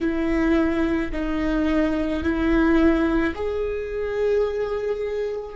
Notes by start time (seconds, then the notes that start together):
0.00 E4
1.12 D#4
2.23 E4
3.34 G#4